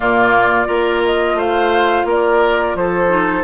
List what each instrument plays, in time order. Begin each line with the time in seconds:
0.00 bassoon A#2, clarinet A#3, oboe F4, flute D5
0.65 bassoon A#3, clarinet F4, oboe A#4
1.05 flute D#5
1.34 bassoon A3, oboe C5, flute F5
2.04 bassoon A#3, oboe A#4, flute D5
2.74 bassoon F3, oboe A4, flute C5
3.08 clarinet D#4